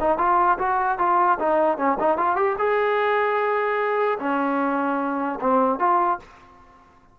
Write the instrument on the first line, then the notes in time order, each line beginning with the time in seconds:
trombone
0.00 D#4
0.18 F4
0.59 F#4
0.99 F4
1.39 D#4
1.78 C#4
2.00 D#4
2.18 F4
2.36 G4
2.59 G#4
4.19 C#4
5.41 C4
5.79 F4